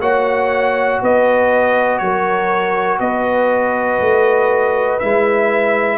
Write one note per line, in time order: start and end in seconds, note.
0.00 1.00 A#3
0.00 5.01 F#4
0.00 1.01 C#5
0.00 1.01 F#5
1.02 2.01 B3
1.02 2.03 B4
1.02 1.98 D#5
1.98 3.00 F#3
1.98 3.00 A#4
1.98 2.98 C#5
3.00 4.00 B3
3.00 5.98 B4
3.00 4.99 D#5
4.00 5.00 A3
4.99 5.98 G#3
4.99 5.98 E4
4.99 5.98 E5